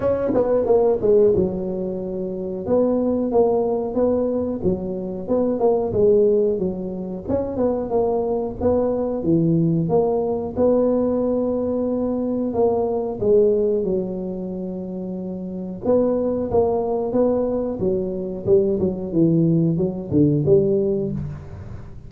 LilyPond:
\new Staff \with { instrumentName = "tuba" } { \time 4/4 \tempo 4 = 91 cis'8 b8 ais8 gis8 fis2 | b4 ais4 b4 fis4 | b8 ais8 gis4 fis4 cis'8 b8 | ais4 b4 e4 ais4 |
b2. ais4 | gis4 fis2. | b4 ais4 b4 fis4 | g8 fis8 e4 fis8 d8 g4 | }